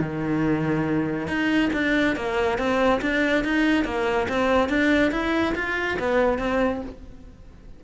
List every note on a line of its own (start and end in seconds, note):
0.00 1.27 D#3
1.27 1.70 D#4
1.73 2.16 D4
2.16 2.58 A#3
2.58 3.00 C4
3.01 3.44 D4
3.44 3.85 D#4
3.85 4.27 A#3
4.28 4.69 C4
4.69 5.11 D4
5.11 5.54 E4
5.55 5.98 F4
5.99 6.39 B3
6.39 6.81 C4